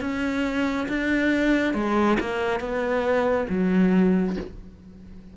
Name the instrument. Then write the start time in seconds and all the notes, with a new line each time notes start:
cello
0.00 C#4
0.88 D4
1.74 G#3
2.20 A#3
2.60 B3
3.49 F#3